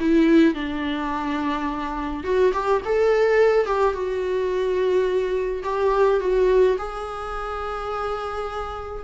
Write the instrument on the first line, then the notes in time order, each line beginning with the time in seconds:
viola
0.00 E4
0.54 D4
2.24 F#4
2.53 G4
2.85 A4
3.66 G4
3.93 F#4
5.63 G4
6.20 F#4
6.78 G#4